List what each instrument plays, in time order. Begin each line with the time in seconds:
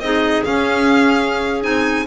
0.00 double bass C4, clarinet D#4 G#4, violin D#5
0.44 double bass C#4, clarinet C#4, violin F5
1.62 double bass C4, clarinet D#4, violin G#5